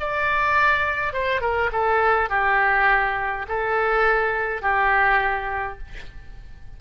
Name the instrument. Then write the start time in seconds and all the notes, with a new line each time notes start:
oboe
0.00 D5
1.13 C5
1.41 A#4
1.72 A4
2.30 G4
3.48 A4
4.62 G4